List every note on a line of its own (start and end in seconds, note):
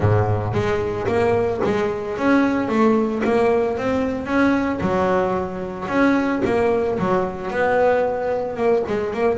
0.00 0.53 G#2
0.53 1.06 G#3
1.07 1.60 A#3
1.63 2.17 G#3
2.17 2.68 C#4
2.68 3.21 A3
3.24 3.77 A#3
3.77 4.26 C4
4.26 4.79 C#4
4.80 5.87 F#3
5.88 6.42 C#4
6.44 6.98 A#3
6.98 7.50 F#3
7.50 8.56 B3
8.56 8.83 A#3
8.87 9.13 G#3
9.13 9.37 A#3